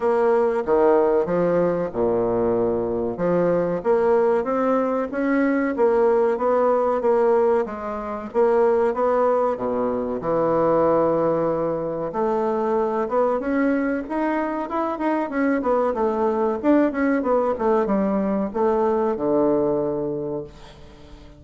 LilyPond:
\new Staff \with { instrumentName = "bassoon" } { \time 4/4 \tempo 4 = 94 ais4 dis4 f4 ais,4~ | ais,4 f4 ais4 c'4 | cis'4 ais4 b4 ais4 | gis4 ais4 b4 b,4 |
e2. a4~ | a8 b8 cis'4 dis'4 e'8 dis'8 | cis'8 b8 a4 d'8 cis'8 b8 a8 | g4 a4 d2 | }